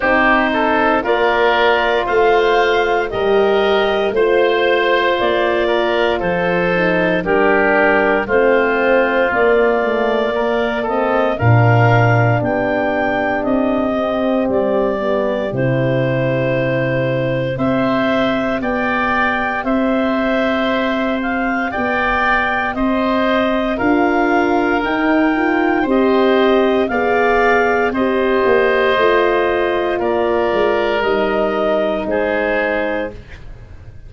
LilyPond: <<
  \new Staff \with { instrumentName = "clarinet" } { \time 4/4 \tempo 4 = 58 c''4 d''4 f''4 dis''4 | c''4 d''4 c''4 ais'4 | c''4 d''4. dis''8 f''4 | g''4 dis''4 d''4 c''4~ |
c''4 e''4 g''4 e''4~ | e''8 f''8 g''4 dis''4 f''4 | g''4 dis''4 f''4 dis''4~ | dis''4 d''4 dis''4 c''4 | }
  \new Staff \with { instrumentName = "oboe" } { \time 4/4 g'8 a'8 ais'4 c''4 ais'4 | c''4. ais'8 a'4 g'4 | f'2 ais'8 a'8 ais'4 | g'1~ |
g'4 c''4 d''4 c''4~ | c''4 d''4 c''4 ais'4~ | ais'4 c''4 d''4 c''4~ | c''4 ais'2 gis'4 | }
  \new Staff \with { instrumentName = "horn" } { \time 4/4 dis'4 f'2 g'4 | f'2~ f'8 dis'8 d'4 | c'4 ais8 a8 ais8 c'8 d'4~ | d'4. c'4 b8 e'4~ |
e'4 g'2.~ | g'2. f'4 | dis'8 f'8 g'4 gis'4 g'4 | f'2 dis'2 | }
  \new Staff \with { instrumentName = "tuba" } { \time 4/4 c'4 ais4 a4 g4 | a4 ais4 f4 g4 | a4 ais2 ais,4 | b4 c'4 g4 c4~ |
c4 c'4 b4 c'4~ | c'4 b4 c'4 d'4 | dis'4 c'4 b4 c'8 ais8 | a4 ais8 gis8 g4 gis4 | }
>>